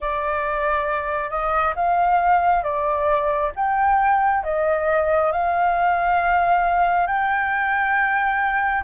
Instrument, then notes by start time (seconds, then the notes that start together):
flute
0.00 D5
1.30 D#5
1.75 F5
2.63 D5
3.55 G5
4.44 D#5
5.31 F5
7.06 G5